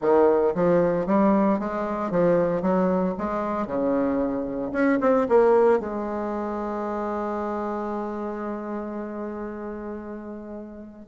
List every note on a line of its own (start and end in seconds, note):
0.01 0.53 D#3
0.54 1.06 F3
1.06 1.59 G3
1.59 2.11 G#3
2.11 2.62 F3
2.62 3.14 F#3
3.18 3.66 G#3
3.66 4.72 C#3
4.72 4.98 C#4
5.00 5.27 C4
5.28 5.79 A#3
5.79 11.05 G#3